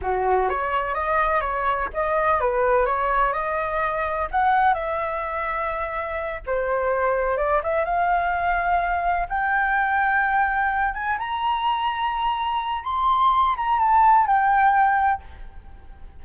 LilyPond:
\new Staff \with { instrumentName = "flute" } { \time 4/4 \tempo 4 = 126 fis'4 cis''4 dis''4 cis''4 | dis''4 b'4 cis''4 dis''4~ | dis''4 fis''4 e''2~ | e''4. c''2 d''8 |
e''8 f''2. g''8~ | g''2. gis''8 ais''8~ | ais''2. c'''4~ | c'''8 ais''8 a''4 g''2 | }